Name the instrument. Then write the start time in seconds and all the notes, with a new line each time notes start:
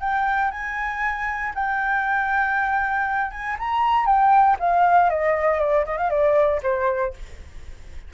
flute
0.00 G5
0.51 G#5
1.54 G5
3.31 G#5
3.59 A#5
4.06 G5
4.59 F5
5.10 D#5
5.59 D5
5.85 D#5
5.97 F5
6.09 D5
6.62 C5